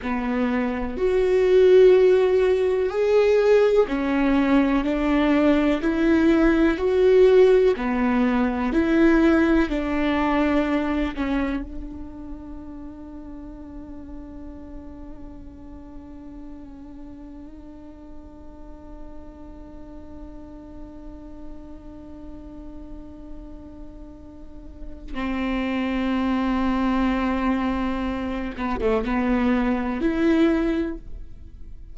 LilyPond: \new Staff \with { instrumentName = "viola" } { \time 4/4 \tempo 4 = 62 b4 fis'2 gis'4 | cis'4 d'4 e'4 fis'4 | b4 e'4 d'4. cis'8 | d'1~ |
d'1~ | d'1~ | d'2 c'2~ | c'4. b16 a16 b4 e'4 | }